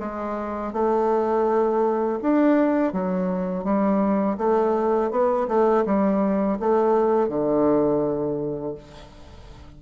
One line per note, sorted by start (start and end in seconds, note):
0.00 0.73 G#3
0.73 2.20 A3
2.22 2.93 D4
2.93 3.64 F#3
3.64 4.37 G3
4.38 5.11 A3
5.11 5.47 B3
5.48 5.85 A3
5.86 6.59 G3
6.60 7.28 A3
7.28 8.75 D3